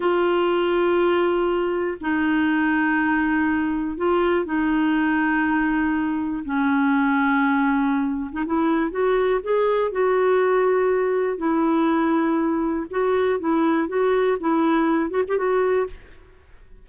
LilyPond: \new Staff \with { instrumentName = "clarinet" } { \time 4/4 \tempo 4 = 121 f'1 | dis'1 | f'4 dis'2.~ | dis'4 cis'2.~ |
cis'8. dis'16 e'4 fis'4 gis'4 | fis'2. e'4~ | e'2 fis'4 e'4 | fis'4 e'4. fis'16 g'16 fis'4 | }